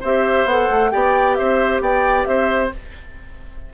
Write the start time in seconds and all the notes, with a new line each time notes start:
0.00 C4 G4 C5 E5
0.45 B3 A4 F#5
0.70 A3
0.91 B3 G4 D5 G5
1.35 C4 C5 E5
1.81 B3 D5 G5
2.25 C4 C5 E5